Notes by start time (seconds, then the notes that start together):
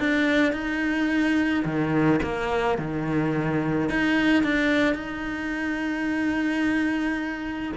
0.00 D4
0.53 D#4
1.65 D#3
2.23 A#3
2.79 D#3
3.90 D#4
4.44 D4
4.95 D#4